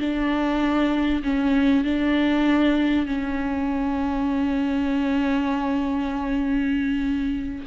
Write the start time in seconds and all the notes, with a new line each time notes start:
0.00 D4
1.24 C#4
1.85 D4
3.06 C#4